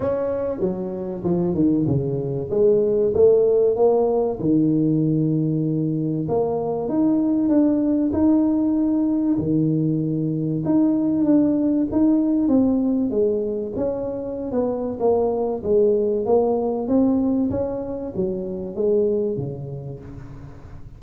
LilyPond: \new Staff \with { instrumentName = "tuba" } { \time 4/4 \tempo 4 = 96 cis'4 fis4 f8 dis8 cis4 | gis4 a4 ais4 dis4~ | dis2 ais4 dis'4 | d'4 dis'2 dis4~ |
dis4 dis'4 d'4 dis'4 | c'4 gis4 cis'4~ cis'16 b8. | ais4 gis4 ais4 c'4 | cis'4 fis4 gis4 cis4 | }